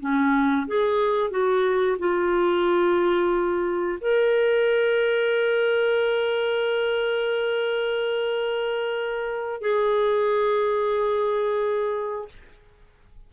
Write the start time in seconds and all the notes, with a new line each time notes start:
0.00 C#4
0.67 G#4
1.30 F#4
1.99 F4
4.01 A#4
9.61 G#4